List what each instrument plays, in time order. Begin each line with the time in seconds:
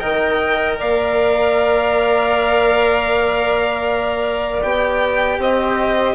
0.00 bassoon D#3, cello A#4, saxophone D#5, violin G5
0.78 bassoon A#3, saxophone D5, violin F5
4.63 bassoon B3, cello G4, violin G5
5.39 bassoon C4, saxophone C5, violin D#5